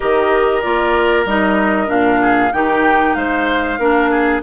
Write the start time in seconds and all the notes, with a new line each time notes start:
0.00 D#3 G4 A#4 D#5
0.61 A#3 F4 D5
1.25 G3 D#4 D#5
1.87 A#2 D4 F5
2.21 G#4
2.52 D#3 D#4 G4 G5
3.14 G#3 C5 F5
3.78 A#3 D4 A#4
4.10 G#4